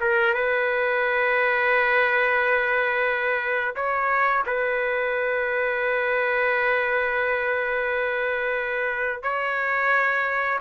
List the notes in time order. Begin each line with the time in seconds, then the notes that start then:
0.00 A#4
0.34 B4
3.75 C#5
4.46 B4
9.23 C#5